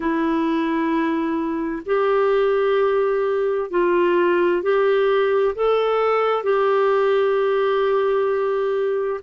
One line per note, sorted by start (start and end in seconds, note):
0.00 1.82 E4
1.85 3.70 G4
3.70 4.62 F4
4.62 5.54 G4
5.55 6.43 A4
6.43 9.20 G4